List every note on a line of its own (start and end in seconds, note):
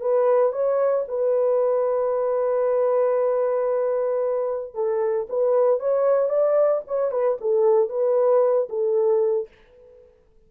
0.00 0.52 B4
0.52 1.05 C#5
1.08 4.74 B4
4.74 5.27 A4
5.29 5.79 B4
5.79 6.29 C#5
6.29 6.81 D5
6.87 7.11 C#5
7.11 7.37 B4
7.40 7.89 A4
7.89 8.68 B4
8.69 9.48 A4